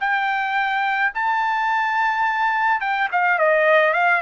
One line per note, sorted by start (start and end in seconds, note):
0.00 1.12 G5
1.14 2.80 A5
2.80 3.08 G5
3.11 3.38 F5
3.38 3.93 D#5
3.93 4.21 F5